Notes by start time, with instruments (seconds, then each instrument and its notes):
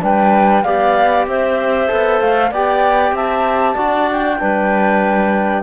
0.00 cello G3, trombone D4, clarinet B4, flute G5
0.63 cello B3, trombone G4, clarinet D5, flute F5
1.26 cello C4, clarinet C5, flute E5
1.88 cello B3, trombone A4
2.20 cello A3, flute F5
2.50 cello B3, trombone G4, clarinet D5, flute G5
3.12 cello C4, clarinet E5, flute A5
3.73 cello D4, trombone F#4, clarinet D5
4.12 flute G5
4.38 cello G3, trombone D4, clarinet B4